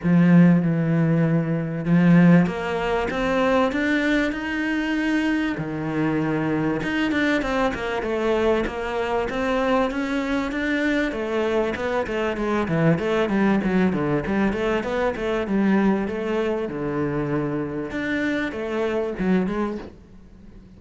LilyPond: \new Staff \with { instrumentName = "cello" } { \time 4/4 \tempo 4 = 97 f4 e2 f4 | ais4 c'4 d'4 dis'4~ | dis'4 dis2 dis'8 d'8 | c'8 ais8 a4 ais4 c'4 |
cis'4 d'4 a4 b8 a8 | gis8 e8 a8 g8 fis8 d8 g8 a8 | b8 a8 g4 a4 d4~ | d4 d'4 a4 fis8 gis8 | }